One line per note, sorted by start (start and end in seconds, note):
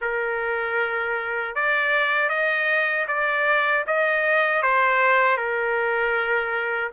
0.01 1.55 A#4
1.55 2.29 D5
2.29 3.06 D#5
3.07 3.84 D5
3.86 4.62 D#5
4.62 5.37 C5
5.37 6.91 A#4